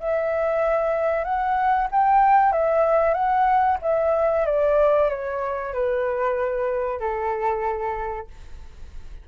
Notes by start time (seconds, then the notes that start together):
0.00 E5
1.24 F#5
1.92 G5
2.53 E5
3.14 F#5
3.82 E5
4.46 D5
5.10 C#5
5.74 B4
7.00 A4